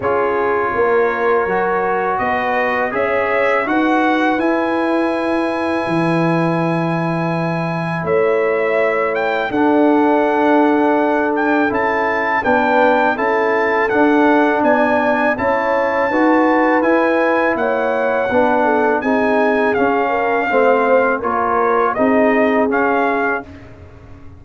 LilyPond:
<<
  \new Staff \with { instrumentName = "trumpet" } { \time 4/4 \tempo 4 = 82 cis''2. dis''4 | e''4 fis''4 gis''2~ | gis''2. e''4~ | e''8 g''8 fis''2~ fis''8 g''8 |
a''4 g''4 a''4 fis''4 | gis''4 a''2 gis''4 | fis''2 gis''4 f''4~ | f''4 cis''4 dis''4 f''4 | }
  \new Staff \with { instrumentName = "horn" } { \time 4/4 gis'4 ais'2 b'4 | cis''4 b'2.~ | b'2. cis''4~ | cis''4 a'2.~ |
a'4 b'4 a'2 | d''4 cis''4 b'2 | cis''4 b'8 a'8 gis'4. ais'8 | c''4 ais'4 gis'2 | }
  \new Staff \with { instrumentName = "trombone" } { \time 4/4 f'2 fis'2 | gis'4 fis'4 e'2~ | e'1~ | e'4 d'2. |
e'4 d'4 e'4 d'4~ | d'4 e'4 fis'4 e'4~ | e'4 d'4 dis'4 cis'4 | c'4 f'4 dis'4 cis'4 | }
  \new Staff \with { instrumentName = "tuba" } { \time 4/4 cis'4 ais4 fis4 b4 | cis'4 dis'4 e'2 | e2. a4~ | a4 d'2. |
cis'4 b4 cis'4 d'4 | b4 cis'4 dis'4 e'4 | ais4 b4 c'4 cis'4 | a4 ais4 c'4 cis'4 | }
>>